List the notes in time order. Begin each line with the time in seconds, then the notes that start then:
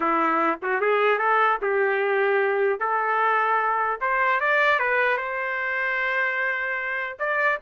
0.00 E4
0.62 F#4
0.81 G#4
1.18 A4
1.61 G4
2.79 A4
4.00 C5
4.40 D5
4.79 B4
5.17 C5
7.19 D5